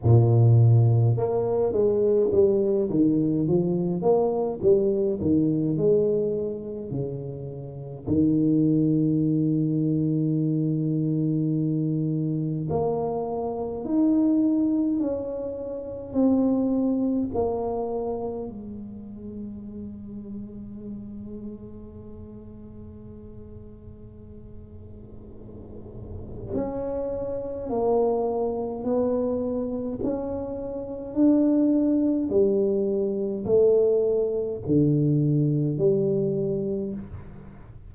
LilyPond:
\new Staff \with { instrumentName = "tuba" } { \time 4/4 \tempo 4 = 52 ais,4 ais8 gis8 g8 dis8 f8 ais8 | g8 dis8 gis4 cis4 dis4~ | dis2. ais4 | dis'4 cis'4 c'4 ais4 |
gis1~ | gis2. cis'4 | ais4 b4 cis'4 d'4 | g4 a4 d4 g4 | }